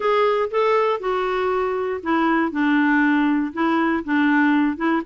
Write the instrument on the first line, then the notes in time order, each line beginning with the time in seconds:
clarinet
0.00 G#4
0.50 A4
0.99 F#4
2.02 E4
2.51 D4
3.53 E4
4.04 D4
4.76 E4